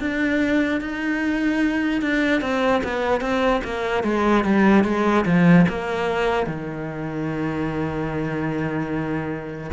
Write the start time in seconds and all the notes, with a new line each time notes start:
0.00 D4
0.81 D#4
2.02 D4
2.42 C4
2.84 B3
3.21 C4
3.64 A#3
4.04 G#3
4.45 G3
4.85 G#3
5.26 F3
5.69 A#3
6.47 D#3